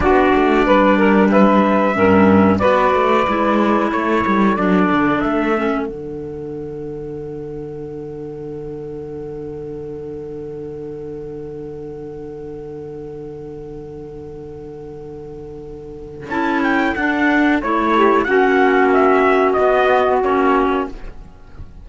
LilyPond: <<
  \new Staff \with { instrumentName = "trumpet" } { \time 4/4 \tempo 4 = 92 d''2 e''2 | d''2 cis''4 d''4 | e''4 fis''2.~ | fis''1~ |
fis''1~ | fis''1~ | fis''4 a''8 g''8 fis''4 cis''4 | fis''4 e''4 dis''4 cis''4 | }
  \new Staff \with { instrumentName = "saxophone" } { \time 4/4 fis'4 b'8 ais'8 b'4 ais'4 | b'2 a'2~ | a'1~ | a'1~ |
a'1~ | a'1~ | a'2.~ a'8 g'8 | fis'1 | }
  \new Staff \with { instrumentName = "clarinet" } { \time 4/4 d'2. cis'4 | fis'4 e'2 d'4~ | d'8 cis'8 d'2.~ | d'1~ |
d'1~ | d'1~ | d'4 e'4 d'4 e'4 | cis'2 b4 cis'4 | }
  \new Staff \with { instrumentName = "cello" } { \time 4/4 b8 a8 g2 g,4 | b8 a8 gis4 a8 g8 fis8 d8 | a4 d2.~ | d1~ |
d1~ | d1~ | d4 cis'4 d'4 a4 | ais2 b4 ais4 | }
>>